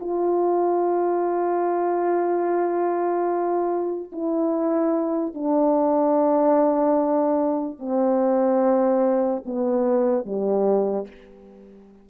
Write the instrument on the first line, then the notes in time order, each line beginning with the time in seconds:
horn
0.00 F4
4.12 E4
5.34 D4
7.79 C4
9.45 B3
10.25 G3